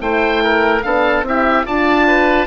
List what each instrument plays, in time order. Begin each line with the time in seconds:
0.00 bassoon A3, horn E4, oboe C5 G5
0.44 oboe A#4
0.83 bassoon B3, horn D4, oboe A4 F5
1.23 bassoon C4, horn E4, oboe G4 E5
1.66 bassoon D4, horn F4, oboe D5 A5
2.08 oboe B4